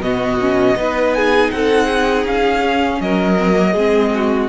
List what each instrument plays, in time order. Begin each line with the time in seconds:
0.00 cello B2, viola B3, violin F#4 D#5
0.41 viola C#4
0.76 cello B3, viola D#4, violin B4
1.15 violin G#4 G#5
1.51 cello C4, violin A4 F#5
1.86 violin G#4
2.25 cello C#4, violin F5
2.62 viola C#4
3.01 cello F#3, violin A#4 D#5
3.38 viola C4
3.54 viola A#3
3.73 cello G#3, viola C4, violin G#4
4.15 violin F#4